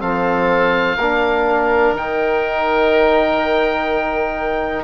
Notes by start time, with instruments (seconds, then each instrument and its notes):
0.00 bassoon F3, trombone C4, oboe A4 F5
0.97 bassoon A#3, trombone D4, oboe A#4
1.93 bassoon D#3, trombone D#4, oboe G5